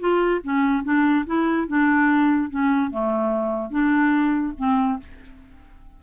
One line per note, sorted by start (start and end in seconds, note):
0.00 0.42 F4
0.44 0.84 C#4
0.84 1.25 D4
1.26 1.68 E4
1.68 2.50 D4
2.50 2.91 C#4
2.91 3.71 A3
3.71 4.54 D4
4.58 5.00 C4